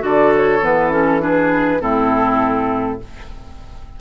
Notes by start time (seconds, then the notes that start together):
0.00 D3 F#4 A4 D5
0.36 C#5
0.62 E3 B3 B4
0.91 C#4 A4
1.21 D4 G#4 B4
1.81 A2 C4 E4 A4